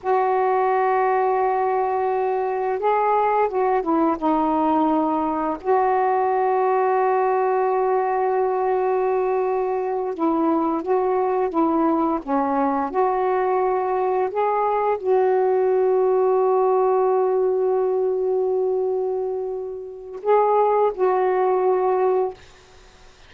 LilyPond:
\new Staff \with { instrumentName = "saxophone" } { \time 4/4 \tempo 4 = 86 fis'1 | gis'4 fis'8 e'8 dis'2 | fis'1~ | fis'2~ fis'8 e'4 fis'8~ |
fis'8 e'4 cis'4 fis'4.~ | fis'8 gis'4 fis'2~ fis'8~ | fis'1~ | fis'4 gis'4 fis'2 | }